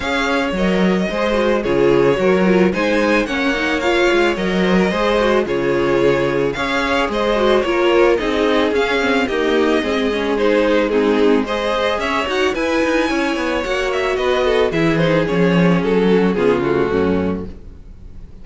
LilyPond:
<<
  \new Staff \with { instrumentName = "violin" } { \time 4/4 \tempo 4 = 110 f''4 dis''2 cis''4~ | cis''4 gis''4 fis''4 f''4 | dis''2 cis''2 | f''4 dis''4 cis''4 dis''4 |
f''4 dis''2 c''4 | gis'4 dis''4 e''8 fis''8 gis''4~ | gis''4 fis''8 e''8 dis''4 e''8 c''8 | cis''4 a'4 gis'8 fis'4. | }
  \new Staff \with { instrumentName = "violin" } { \time 4/4 cis''2 c''4 gis'4 | ais'4 c''4 cis''2~ | cis''8 c''16 ais'16 c''4 gis'2 | cis''4 c''4 ais'4 gis'4~ |
gis'4 g'4 gis'2 | dis'4 c''4 cis''4 b'4 | cis''2 b'8 a'8 gis'4~ | gis'4. fis'8 f'4 cis'4 | }
  \new Staff \with { instrumentName = "viola" } { \time 4/4 gis'4 ais'4 gis'8 fis'8 f'4 | fis'8 f'8 dis'4 cis'8 dis'8 f'4 | ais'4 gis'8 fis'8 f'2 | gis'4. fis'8 f'4 dis'4 |
cis'8 c'8 ais4 c'8 cis'8 dis'4 | c'4 gis'4. fis'8 e'4~ | e'4 fis'2 e'8 dis'8 | cis'2 b8 a4. | }
  \new Staff \with { instrumentName = "cello" } { \time 4/4 cis'4 fis4 gis4 cis4 | fis4 gis4 ais4. gis8 | fis4 gis4 cis2 | cis'4 gis4 ais4 c'4 |
cis'4 dis'4 gis2~ | gis2 cis'8 dis'8 e'8 dis'8 | cis'8 b8 ais4 b4 e4 | f4 fis4 cis4 fis,4 | }
>>